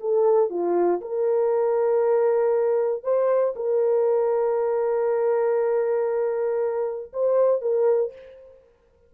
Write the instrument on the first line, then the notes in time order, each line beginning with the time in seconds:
horn
0.00 A4
0.50 F4
1.01 A#4
3.03 C5
3.56 A#4
7.13 C5
7.62 A#4